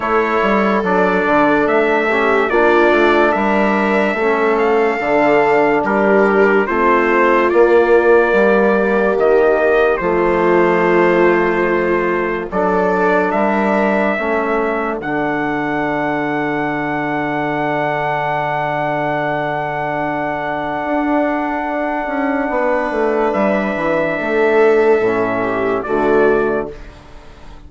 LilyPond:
<<
  \new Staff \with { instrumentName = "trumpet" } { \time 4/4 \tempo 4 = 72 cis''4 d''4 e''4 d''4 | e''4. f''4. ais'4 | c''4 d''2 dis''4 | c''2. d''4 |
e''2 fis''2~ | fis''1~ | fis''1 | e''2. d''4 | }
  \new Staff \with { instrumentName = "viola" } { \time 4/4 a'2~ a'8 g'8 f'4 | ais'4 a'2 g'4 | f'2 g'2 | f'2. a'4 |
ais'4 a'2.~ | a'1~ | a'2. b'4~ | b'4 a'4. g'8 fis'4 | }
  \new Staff \with { instrumentName = "trombone" } { \time 4/4 e'4 d'4. cis'8 d'4~ | d'4 cis'4 d'2 | c'4 ais2. | a2. d'4~ |
d'4 cis'4 d'2~ | d'1~ | d'1~ | d'2 cis'4 a4 | }
  \new Staff \with { instrumentName = "bassoon" } { \time 4/4 a8 g8 fis8 d8 a4 ais8 a8 | g4 a4 d4 g4 | a4 ais4 g4 dis4 | f2. fis4 |
g4 a4 d2~ | d1~ | d4 d'4. cis'8 b8 a8 | g8 e8 a4 a,4 d4 | }
>>